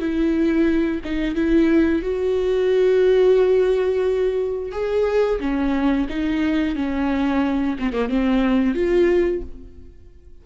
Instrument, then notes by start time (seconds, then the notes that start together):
viola
0.00 E4
1.04 D#4
1.35 E4
2.02 F#4
4.72 G#4
5.40 C#4
6.09 D#4
6.76 C#4
7.79 C4
7.93 A#3
8.09 C4
8.75 F4